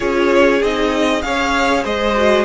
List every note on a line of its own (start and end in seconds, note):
0.00 0.61 C#4
0.00 0.61 F4
0.00 1.22 G#4
0.00 0.62 C#5
0.61 1.23 C4
0.61 1.22 D#4
0.61 1.22 D#5
1.22 1.84 C#4
1.22 2.14 G#4
1.22 1.84 C#5
1.22 1.83 F5
1.84 2.44 G#3
1.84 2.44 C5
1.84 2.44 D#5
2.16 2.44 F#4